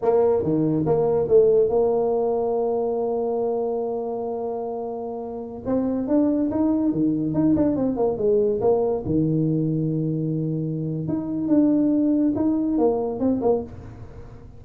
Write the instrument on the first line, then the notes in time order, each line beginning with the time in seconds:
tuba
0.02 A#3
0.42 D#3
0.85 A#3
1.27 A3
1.69 A#3
5.65 C4
6.07 D4
6.50 D#4
6.91 D#3
7.33 D#4
7.56 D4
7.76 C4
7.96 A#3
8.17 G#3
8.61 A#3
9.05 D#3
11.08 D#4
11.48 D4
12.35 D#4
12.78 A#3
13.19 C4
13.41 A#3